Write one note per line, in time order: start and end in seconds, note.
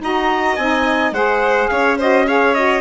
0.00 0.56 D#4
0.00 0.58 F#4
0.00 1.13 D#5
0.00 0.55 A#5
0.55 1.11 C4
0.55 1.14 D#4
0.55 1.11 G#5
1.11 1.67 G#3
1.11 1.98 G#4
1.11 1.70 C5
1.11 1.68 F#5
1.68 2.81 C#4
1.68 1.98 C#5
1.68 1.96 F5
1.98 2.27 F#4
1.98 2.26 C5
1.98 2.28 D#5
2.27 2.55 G#4
2.27 2.81 C#5
2.27 2.54 F5
2.54 2.81 F#4
2.54 2.81 D#5